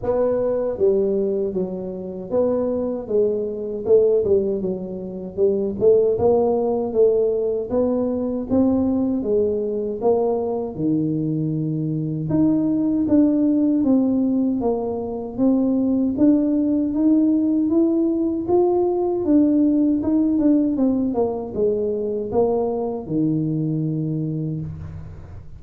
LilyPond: \new Staff \with { instrumentName = "tuba" } { \time 4/4 \tempo 4 = 78 b4 g4 fis4 b4 | gis4 a8 g8 fis4 g8 a8 | ais4 a4 b4 c'4 | gis4 ais4 dis2 |
dis'4 d'4 c'4 ais4 | c'4 d'4 dis'4 e'4 | f'4 d'4 dis'8 d'8 c'8 ais8 | gis4 ais4 dis2 | }